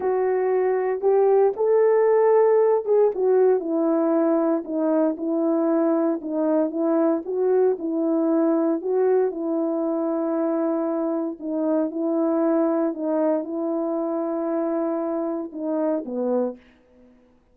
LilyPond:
\new Staff \with { instrumentName = "horn" } { \time 4/4 \tempo 4 = 116 fis'2 g'4 a'4~ | a'4. gis'8 fis'4 e'4~ | e'4 dis'4 e'2 | dis'4 e'4 fis'4 e'4~ |
e'4 fis'4 e'2~ | e'2 dis'4 e'4~ | e'4 dis'4 e'2~ | e'2 dis'4 b4 | }